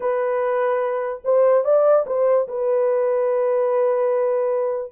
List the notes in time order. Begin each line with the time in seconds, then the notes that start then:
0.00 B4
1.24 C5
1.64 D5
2.06 C5
2.48 B4